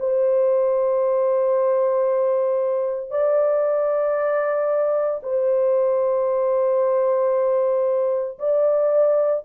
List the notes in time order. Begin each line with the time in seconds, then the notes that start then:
0.00 C5
3.11 D5
5.23 C5
8.39 D5